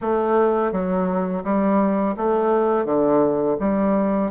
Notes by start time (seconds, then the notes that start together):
0.01 A3
0.71 F#3
1.44 G3
2.17 A3
2.85 D3
3.59 G3